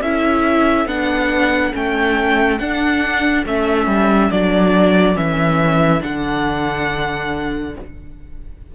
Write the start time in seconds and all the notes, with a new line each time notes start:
0.00 C#4 E4 A4 E5
0.85 B3 D4 F#5
1.72 A3 C#4 G5
2.58 D4 F#5
3.45 A3 C#4 E5
3.86 G3
4.31 F#3 D4 D5
5.14 E3 C#4 E5
6.00 D3 D4 F#5